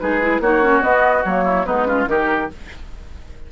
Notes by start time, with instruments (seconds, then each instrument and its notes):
0.00 bassoon G#3, clarinet D#4, oboe G#4, flute B4
0.21 clarinet E4
0.40 bassoon A#3, clarinet D#4, oboe F#4, flute C#5
0.63 clarinet C#4
0.82 clarinet B3, bassoon B3, flute D#5
1.25 bassoon F#3, clarinet A#3, flute C#5
1.45 oboe E4
1.66 bassoon G#3, clarinet B3, oboe D#4, flute B4
1.86 clarinet C#4, oboe F4
2.07 bassoon D#3, clarinet D#4, oboe G4, flute A#4